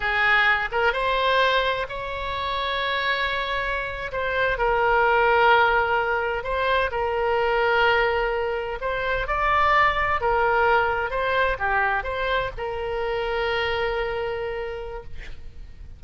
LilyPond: \new Staff \with { instrumentName = "oboe" } { \time 4/4 \tempo 4 = 128 gis'4. ais'8 c''2 | cis''1~ | cis''8. c''4 ais'2~ ais'16~ | ais'4.~ ais'16 c''4 ais'4~ ais'16~ |
ais'2~ ais'8. c''4 d''16~ | d''4.~ d''16 ais'2 c''16~ | c''8. g'4 c''4 ais'4~ ais'16~ | ais'1 | }